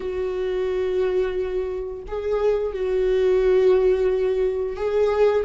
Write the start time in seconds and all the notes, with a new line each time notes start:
0.00 F#4
2.07 G#4
2.73 F#4
4.76 G#4